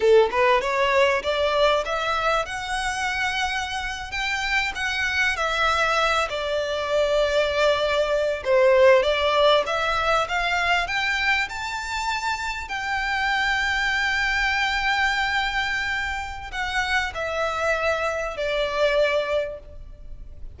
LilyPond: \new Staff \with { instrumentName = "violin" } { \time 4/4 \tempo 4 = 98 a'8 b'8 cis''4 d''4 e''4 | fis''2~ fis''8. g''4 fis''16~ | fis''8. e''4. d''4.~ d''16~ | d''4.~ d''16 c''4 d''4 e''16~ |
e''8. f''4 g''4 a''4~ a''16~ | a''8. g''2.~ g''16~ | g''2. fis''4 | e''2 d''2 | }